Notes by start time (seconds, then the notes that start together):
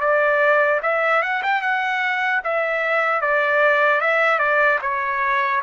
0.00 D5
0.82 E5
1.22 F#5
1.43 G5
1.61 F#5
2.44 E5
3.21 D5
4.01 E5
4.39 D5
4.81 C#5